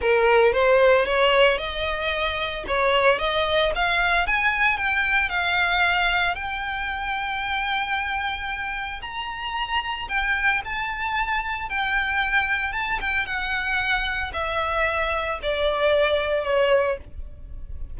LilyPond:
\new Staff \with { instrumentName = "violin" } { \time 4/4 \tempo 4 = 113 ais'4 c''4 cis''4 dis''4~ | dis''4 cis''4 dis''4 f''4 | gis''4 g''4 f''2 | g''1~ |
g''4 ais''2 g''4 | a''2 g''2 | a''8 g''8 fis''2 e''4~ | e''4 d''2 cis''4 | }